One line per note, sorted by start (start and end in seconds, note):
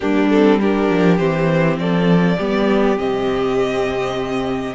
0.00 0.89 G3
0.00 0.30 A#3
0.00 0.60 D4
0.00 0.29 G4
0.29 0.61 C4
0.29 0.59 A4
0.60 1.18 D4
0.60 1.80 G4
0.60 1.17 A#4
0.89 1.19 F3
1.17 1.77 E3
1.17 2.37 C4
1.17 1.76 C5
1.77 2.37 F3
1.77 2.37 A4
1.77 2.97 D5
2.37 2.98 G3
2.37 2.97 B3
2.37 4.75 G4
2.97 4.75 C3
2.97 4.75 C4
2.97 4.75 D#5